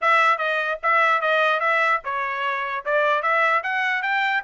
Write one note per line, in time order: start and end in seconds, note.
0.01 0.38 E5
0.38 0.78 D#5
0.82 1.21 E5
1.21 1.60 D#5
1.60 2.00 E5
2.04 2.84 C#5
2.85 3.22 D5
3.22 3.62 E5
3.63 4.02 F#5
4.02 4.42 G5